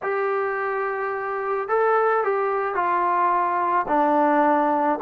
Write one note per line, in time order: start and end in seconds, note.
0.02 1.68 G4
1.68 2.23 A4
2.23 2.74 G4
2.74 3.86 F4
3.88 4.99 D4